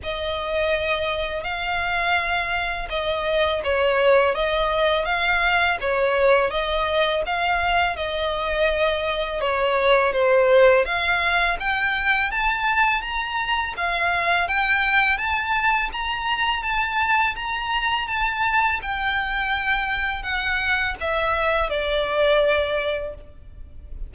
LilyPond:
\new Staff \with { instrumentName = "violin" } { \time 4/4 \tempo 4 = 83 dis''2 f''2 | dis''4 cis''4 dis''4 f''4 | cis''4 dis''4 f''4 dis''4~ | dis''4 cis''4 c''4 f''4 |
g''4 a''4 ais''4 f''4 | g''4 a''4 ais''4 a''4 | ais''4 a''4 g''2 | fis''4 e''4 d''2 | }